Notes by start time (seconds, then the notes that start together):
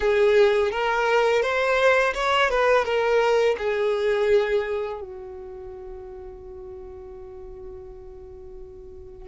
0.00 G#4
0.71 A#4
1.42 C5
2.14 C#5
2.49 B4
2.84 A#4
3.58 G#4
5.01 F#4